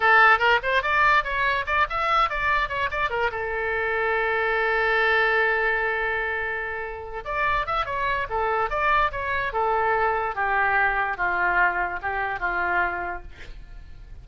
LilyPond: \new Staff \with { instrumentName = "oboe" } { \time 4/4 \tempo 4 = 145 a'4 ais'8 c''8 d''4 cis''4 | d''8 e''4 d''4 cis''8 d''8 ais'8 | a'1~ | a'1~ |
a'4. d''4 e''8 cis''4 | a'4 d''4 cis''4 a'4~ | a'4 g'2 f'4~ | f'4 g'4 f'2 | }